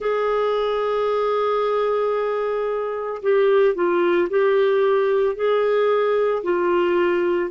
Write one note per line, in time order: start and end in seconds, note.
0.00 3.21 G#4
3.22 3.75 G4
3.75 4.28 F4
4.29 5.35 G4
5.35 6.42 G#4
6.43 7.50 F4